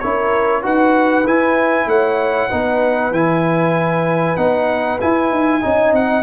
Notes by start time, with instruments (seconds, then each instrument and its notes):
0.00 tuba C#4, trombone E4, horn A#4, trumpet C#5
0.62 tuba D#4, trombone F#4, horn B4, trumpet F#5
1.26 tuba E4, trombone E4, trumpet G#5
1.87 tuba A3, horn C#5, trumpet F#5
2.50 tuba B3, trombone D#4, horn B4
3.11 tuba E3, trombone E4, trumpet G#5
4.37 tuba B3, trombone D#4, trumpet F#5
5.01 trombone E4, tuba E4, trumpet G#5
5.32 tuba D#4
5.61 tuba C#4, trombone D#4, horn D#5
5.93 tuba C4, trumpet F#5